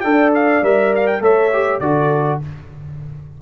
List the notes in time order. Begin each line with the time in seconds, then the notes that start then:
0.00 D4 A4 D5 G5
0.34 F5
0.62 G3 A#4 E5
0.95 F5
1.06 G5
1.20 A3 A4 C#5 E5
1.52 G4
1.80 D3 F#4 A4 D5